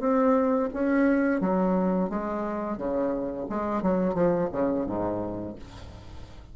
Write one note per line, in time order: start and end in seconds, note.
0.00 0.69 C4
0.73 1.41 C#4
1.41 2.10 F#3
2.10 2.77 G#3
2.77 3.46 C#3
3.50 3.82 G#3
3.82 4.15 F#3
4.15 4.49 F3
4.52 4.87 C#3
4.87 5.55 G#2